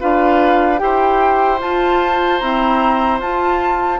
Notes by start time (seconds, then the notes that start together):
0.00 D4 F4 B4 F5
0.78 E4 G4 C5 G5
1.59 F4 A5
2.39 C4 E4 A#5
3.20 F4 A5